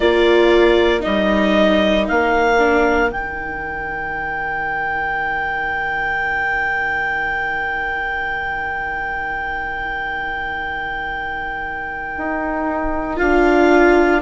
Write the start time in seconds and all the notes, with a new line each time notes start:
0.00 A#3 F4 A#4 D5
1.00 G3 D#4 D#5
2.07 A#3 F5
2.58 D4
3.09 D#3 D#4 G5
12.17 D#4
13.17 D4 F4 F5